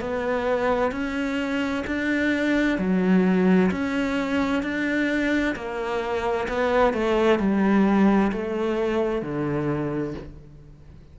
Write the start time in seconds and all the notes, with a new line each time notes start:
0.00 B3
0.91 C#4
1.86 D4
2.78 F#3
3.70 C#4
4.62 D4
5.55 A#3
6.48 B3
6.93 A3
7.39 G3
8.31 A3
9.21 D3